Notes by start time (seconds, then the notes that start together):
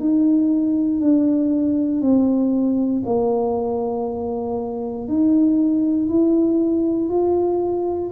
0.00 D#4
1.01 D4
2.02 C4
3.06 A#3
5.08 D#4
6.09 E4
7.10 F4